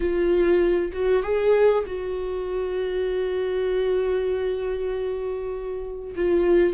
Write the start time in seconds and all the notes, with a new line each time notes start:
0.00 F4
0.92 F#4
1.22 G#4
1.86 F#4
6.15 F4